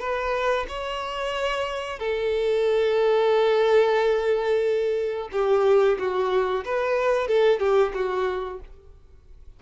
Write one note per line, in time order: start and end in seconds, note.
0.00 0.66 B4
0.68 1.99 C#5
1.99 5.29 A4
5.32 5.98 G4
5.99 6.64 F#4
6.64 7.28 B4
7.28 7.59 A4
7.59 7.92 G4
7.94 8.60 F#4